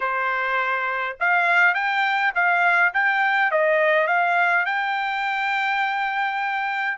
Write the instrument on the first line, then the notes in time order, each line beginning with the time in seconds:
trumpet
0.00 C5
1.19 F5
1.74 G5
2.34 F5
2.93 G5
3.51 D#5
4.07 F5
4.65 G5